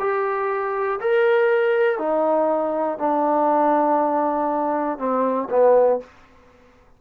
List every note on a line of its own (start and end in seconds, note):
0.00 1.00 G4
1.01 1.99 A#4
1.99 2.99 D#4
2.99 4.99 D4
4.99 5.49 C4
5.50 6.00 B3